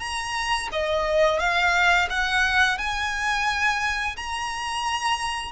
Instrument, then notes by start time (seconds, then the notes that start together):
violin
0.00 A#5
0.72 D#5
1.40 F5
2.10 F#5
2.78 G#5
4.17 A#5